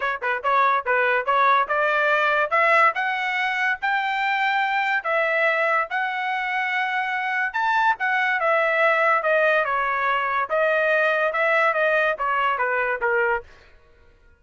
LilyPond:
\new Staff \with { instrumentName = "trumpet" } { \time 4/4 \tempo 4 = 143 cis''8 b'8 cis''4 b'4 cis''4 | d''2 e''4 fis''4~ | fis''4 g''2. | e''2 fis''2~ |
fis''2 a''4 fis''4 | e''2 dis''4 cis''4~ | cis''4 dis''2 e''4 | dis''4 cis''4 b'4 ais'4 | }